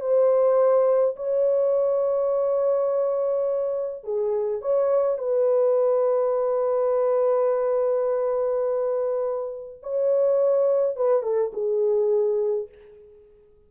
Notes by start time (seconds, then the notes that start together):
0.00 C5
1.16 C#5
4.04 G#4
4.62 C#5
5.18 B4
9.82 C#5
10.96 B4
11.22 A4
11.53 G#4